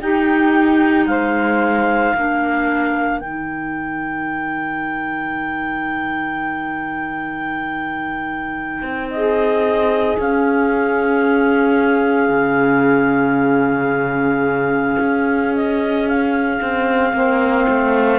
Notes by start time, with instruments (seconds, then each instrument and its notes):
0.00 cello D#4, clarinet D#4 G5, saxophone G4
1.06 cello G#3, saxophone C5, clarinet F5
2.15 cello A#3, clarinet D4, saxophone A#4
3.20 cello D#3, clarinet D#4 G5
8.82 cello C4
9.10 saxophone G#4, clarinet D#5
10.18 cello C#4, clarinet C#4 F5
12.29 cello C#3
14.99 cello C#4
15.56 clarinet D#5
16.08 clarinet F5
16.61 cello C4
17.13 cello A#3, clarinet C4, saxophone C5
17.69 cello A3